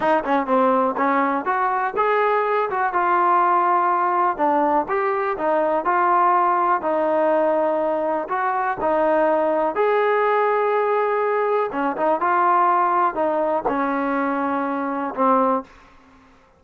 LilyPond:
\new Staff \with { instrumentName = "trombone" } { \time 4/4 \tempo 4 = 123 dis'8 cis'8 c'4 cis'4 fis'4 | gis'4. fis'8 f'2~ | f'4 d'4 g'4 dis'4 | f'2 dis'2~ |
dis'4 fis'4 dis'2 | gis'1 | cis'8 dis'8 f'2 dis'4 | cis'2. c'4 | }